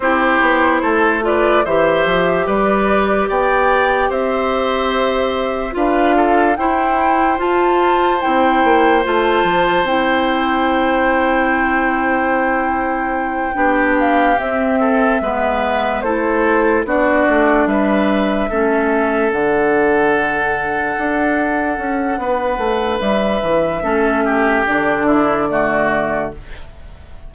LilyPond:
<<
  \new Staff \with { instrumentName = "flute" } { \time 4/4 \tempo 4 = 73 c''4. d''8 e''4 d''4 | g''4 e''2 f''4 | g''4 a''4 g''4 a''4 | g''1~ |
g''4 f''8 e''2 c''8~ | c''8 d''4 e''2 fis''8~ | fis''1 | e''2 d''2 | }
  \new Staff \with { instrumentName = "oboe" } { \time 4/4 g'4 a'8 b'8 c''4 b'4 | d''4 c''2 b'8 a'8 | c''1~ | c''1~ |
c''8 g'4. a'8 b'4 a'8~ | a'8 fis'4 b'4 a'4.~ | a'2. b'4~ | b'4 a'8 g'4 e'8 fis'4 | }
  \new Staff \with { instrumentName = "clarinet" } { \time 4/4 e'4. f'8 g'2~ | g'2. f'4 | e'4 f'4 e'4 f'4 | e'1~ |
e'8 d'4 c'4 b4 e'8~ | e'8 d'2 cis'4 d'8~ | d'1~ | d'4 cis'4 d'4 a4 | }
  \new Staff \with { instrumentName = "bassoon" } { \time 4/4 c'8 b8 a4 e8 f8 g4 | b4 c'2 d'4 | e'4 f'4 c'8 ais8 a8 f8 | c'1~ |
c'8 b4 c'4 gis4 a8~ | a8 b8 a8 g4 a4 d8~ | d4. d'4 cis'8 b8 a8 | g8 e8 a4 d2 | }
>>